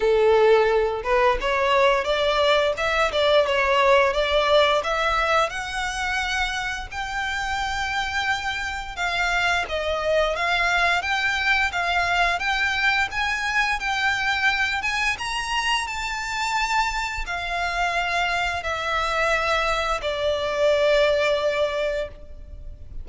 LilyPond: \new Staff \with { instrumentName = "violin" } { \time 4/4 \tempo 4 = 87 a'4. b'8 cis''4 d''4 | e''8 d''8 cis''4 d''4 e''4 | fis''2 g''2~ | g''4 f''4 dis''4 f''4 |
g''4 f''4 g''4 gis''4 | g''4. gis''8 ais''4 a''4~ | a''4 f''2 e''4~ | e''4 d''2. | }